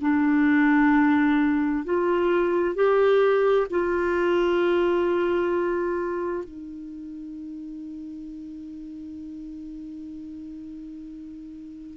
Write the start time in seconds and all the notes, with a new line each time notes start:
0.00 D4
1.84 F4
2.74 G4
3.70 F4
6.44 D#4